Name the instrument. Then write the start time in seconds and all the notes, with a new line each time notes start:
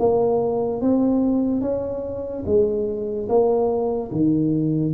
tuba
0.00 A#3
0.82 C4
1.62 C#4
2.47 G#3
3.29 A#3
4.12 D#3